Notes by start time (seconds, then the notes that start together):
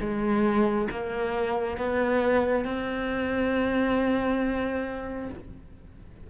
0.00 G#3
0.91 A#3
1.77 B3
2.65 C4